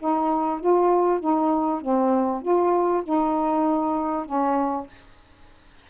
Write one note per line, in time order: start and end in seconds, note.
0.00 0.61 D#4
0.61 1.21 F4
1.21 1.82 D#4
1.82 2.43 C4
2.43 3.04 F4
3.04 4.26 D#4
4.26 4.87 C#4